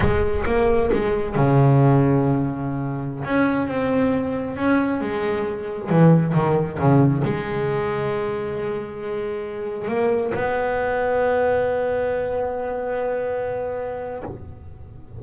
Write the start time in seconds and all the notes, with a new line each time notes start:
0.00 G#3
0.45 A#3
0.93 G#3
1.35 C#3
3.24 C#4
3.67 C4
4.56 C#4
5.00 G#3
5.89 E3
6.34 D#3
6.79 C#3
7.24 G#3
9.88 A#3
10.34 B3